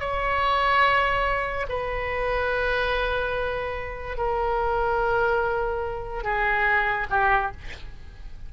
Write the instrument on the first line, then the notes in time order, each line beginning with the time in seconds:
oboe
0.00 C#5
1.69 B4
4.17 A#4
6.24 G#4
7.11 G4